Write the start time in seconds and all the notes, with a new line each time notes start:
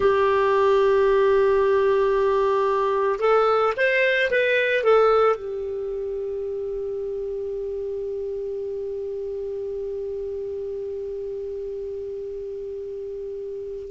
0.00 G4
3.19 A4
3.76 C5
4.31 B4
4.83 A4
5.36 G4